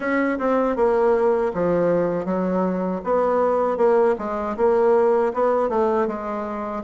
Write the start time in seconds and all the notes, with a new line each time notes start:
0.00 C#4
0.38 C4
0.76 A#3
1.54 F3
2.25 F#3
3.04 B3
3.77 A#3
4.18 G#3
4.56 A#3
5.33 B3
5.69 A3
6.07 G#3